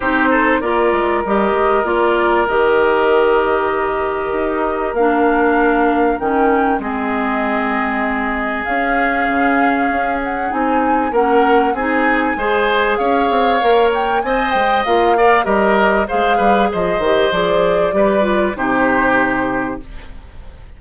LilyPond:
<<
  \new Staff \with { instrumentName = "flute" } { \time 4/4 \tempo 4 = 97 c''4 d''4 dis''4 d''4 | dis''1 | f''2 g''4 dis''4~ | dis''2 f''2~ |
f''8 fis''8 gis''4 fis''4 gis''4~ | gis''4 f''4. g''8 gis''8 g''8 | f''4 dis''4 f''4 dis''4 | d''2 c''2 | }
  \new Staff \with { instrumentName = "oboe" } { \time 4/4 g'8 a'8 ais'2.~ | ais'1~ | ais'2. gis'4~ | gis'1~ |
gis'2 ais'4 gis'4 | c''4 cis''2 dis''4~ | dis''8 d''8 ais'4 c''8 b'8 c''4~ | c''4 b'4 g'2 | }
  \new Staff \with { instrumentName = "clarinet" } { \time 4/4 dis'4 f'4 g'4 f'4 | g'1 | d'2 cis'4 c'4~ | c'2 cis'2~ |
cis'4 dis'4 cis'4 dis'4 | gis'2 ais'4 c''4 | f'8 ais'8 g'4 gis'4. g'8 | gis'4 g'8 f'8 dis'2 | }
  \new Staff \with { instrumentName = "bassoon" } { \time 4/4 c'4 ais8 gis8 g8 gis8 ais4 | dis2. dis'4 | ais2 dis4 gis4~ | gis2 cis'4 cis4 |
cis'4 c'4 ais4 c'4 | gis4 cis'8 c'8 ais4 c'8 gis8 | ais4 g4 gis8 g8 f8 dis8 | f4 g4 c2 | }
>>